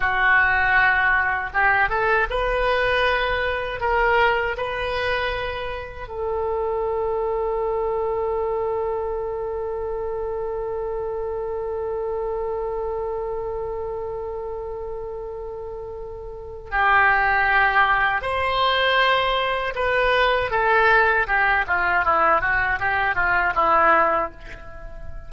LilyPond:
\new Staff \with { instrumentName = "oboe" } { \time 4/4 \tempo 4 = 79 fis'2 g'8 a'8 b'4~ | b'4 ais'4 b'2 | a'1~ | a'1~ |
a'1~ | a'2 g'2 | c''2 b'4 a'4 | g'8 f'8 e'8 fis'8 g'8 f'8 e'4 | }